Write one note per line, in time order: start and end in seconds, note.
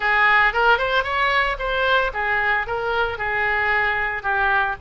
0.00 0.53 G#4
0.53 0.77 A#4
0.77 1.03 C5
1.03 1.56 C#5
1.58 2.11 C5
2.13 2.66 G#4
2.66 3.18 A#4
3.18 4.22 G#4
4.22 4.75 G4